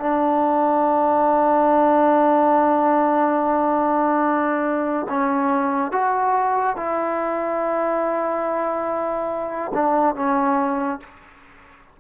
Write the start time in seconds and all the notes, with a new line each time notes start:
0.00 D4
5.09 C#4
5.92 F#4
6.76 E4
9.75 D4
10.16 C#4